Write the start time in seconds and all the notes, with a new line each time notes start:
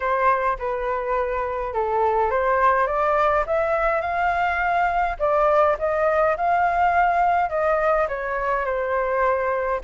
0.00 C5
0.58 B4
1.73 A4
2.30 C5
2.86 D5
3.46 E5
4.01 F5
5.19 D5
5.78 D#5
6.36 F5
7.49 D#5
8.08 C#5
8.65 C5